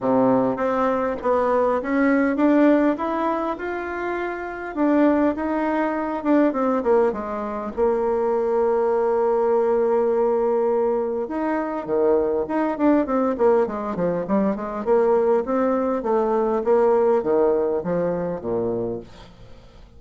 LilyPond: \new Staff \with { instrumentName = "bassoon" } { \time 4/4 \tempo 4 = 101 c4 c'4 b4 cis'4 | d'4 e'4 f'2 | d'4 dis'4. d'8 c'8 ais8 | gis4 ais2.~ |
ais2. dis'4 | dis4 dis'8 d'8 c'8 ais8 gis8 f8 | g8 gis8 ais4 c'4 a4 | ais4 dis4 f4 ais,4 | }